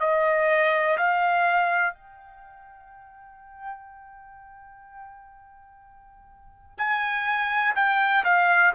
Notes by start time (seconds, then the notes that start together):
0.00 D#5
0.97 F5
1.94 G5
6.78 G#5
7.76 G5
8.24 F5